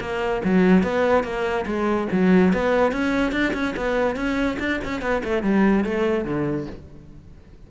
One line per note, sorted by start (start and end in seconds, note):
0.00 0.42 A#3
0.44 0.83 F#3
0.83 1.23 B3
1.23 1.65 A#3
1.66 2.07 G#3
2.12 2.53 F#3
2.53 2.92 B3
2.92 3.32 C#4
3.32 3.53 D4
3.53 3.74 C#4
3.76 4.16 B3
4.16 4.57 C#4
4.59 4.80 D4
4.84 5.01 C#4
5.01 5.22 B3
5.24 5.42 A3
5.42 5.84 G3
5.84 6.25 A3
6.25 6.66 D3